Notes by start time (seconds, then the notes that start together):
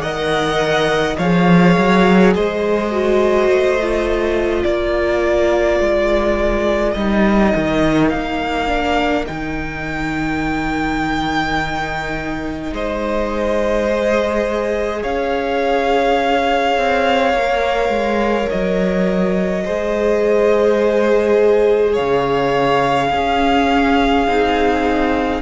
0.00 D#3 A#4 D#5 F#5
1.19 F3 G#4 C#5 F5
1.78 F#3
2.35 G#3 C5 D#5
2.91 F#4
3.49 A3
3.82 F4
4.64 A#3 A#4 D5
5.80 G#3
6.93 G3 D#4 D#5
7.56 D#3
8.10 A#3 F5
8.68 D4
9.26 D#3 D#4 G5
12.73 G#3 C5 D#5
13.89 G#4
15.02 C#4 C#5 F5
16.78 C4
17.34 A#3 A#4
17.90 G#3
18.50 F#3 D#5
19.65 G#3 G#4 C5
21.94 C#3 C#5 F5
23.11 C#4 G#4
24.28 C4 D#4